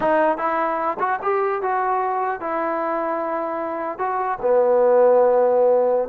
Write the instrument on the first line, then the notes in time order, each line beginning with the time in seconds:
trombone
0.00 D#4
0.37 E4
0.99 F#4
1.22 G4
1.62 F#4
2.40 E4
3.98 F#4
4.41 B3